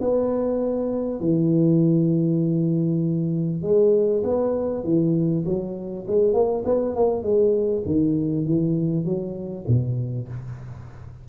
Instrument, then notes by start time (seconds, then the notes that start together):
tuba
0.00 B3
1.20 E3
3.62 G#3
4.23 B3
4.83 E3
5.45 F#3
6.07 G#3
6.33 A#3
6.65 B3
6.95 A#3
7.22 G#3
7.85 D#3
8.45 E3
9.04 F#3
9.67 B2